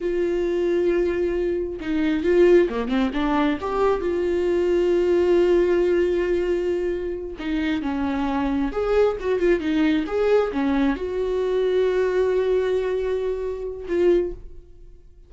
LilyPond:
\new Staff \with { instrumentName = "viola" } { \time 4/4 \tempo 4 = 134 f'1 | dis'4 f'4 ais8 c'8 d'4 | g'4 f'2.~ | f'1~ |
f'8 dis'4 cis'2 gis'8~ | gis'8 fis'8 f'8 dis'4 gis'4 cis'8~ | cis'8 fis'2.~ fis'8~ | fis'2. f'4 | }